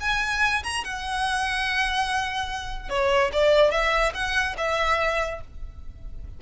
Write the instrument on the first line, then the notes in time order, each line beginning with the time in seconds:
violin
0.00 G#5
0.63 A#5
0.84 F#5
2.89 C#5
3.32 D5
3.71 E5
4.14 F#5
4.57 E5